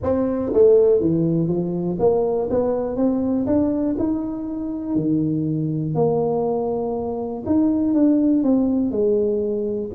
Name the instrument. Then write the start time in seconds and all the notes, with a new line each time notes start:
tuba
0.02 C4
0.53 A3
1.00 E3
1.47 F3
1.99 A#3
2.50 B3
2.96 C4
3.46 D4
3.98 D#4
4.95 D#3
5.94 A#3
7.46 D#4
7.94 D4
8.43 C4
8.91 G#3